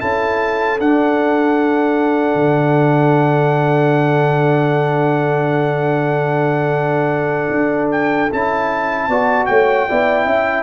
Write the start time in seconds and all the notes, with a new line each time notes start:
0.00 C#4 E4 A4 A5
0.79 D4 F#5
2.34 D3
7.50 D4
7.91 G5
8.31 C#4 E4 A5
9.08 B3 F#4 D5
9.46 A3 C#5 G5
9.89 B3 E4 D5
10.25 C#4 E5